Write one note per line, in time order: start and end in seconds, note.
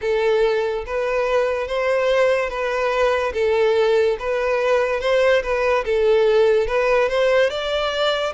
0.01 0.84 A4
0.86 1.67 B4
1.67 2.49 C5
2.49 3.33 B4
3.33 4.17 A4
4.19 5.00 B4
5.00 5.42 C5
5.42 5.84 B4
5.84 6.67 A4
6.67 7.08 B4
7.08 7.50 C5
7.50 8.33 D5